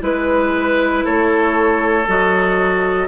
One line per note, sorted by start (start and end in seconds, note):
0.00 1.03 G#3
0.00 2.03 E4
0.00 1.04 B4
0.00 1.05 B4
1.04 2.07 A3
1.04 3.07 A4
1.04 2.07 C#5
2.07 3.07 F#3
2.07 3.07 F#4
2.07 3.07 D#5